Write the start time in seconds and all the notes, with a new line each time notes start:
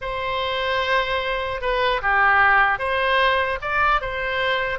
0.01 C5
1.61 B4
2.01 G4
2.79 C5
3.61 D5
4.01 C5